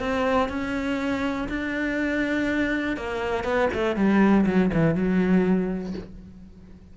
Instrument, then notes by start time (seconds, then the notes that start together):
cello
0.00 C4
0.50 C#4
1.49 D4
2.97 A#3
3.45 B3
3.74 A3
3.97 G3
4.47 F#3
4.74 E3
4.95 F#3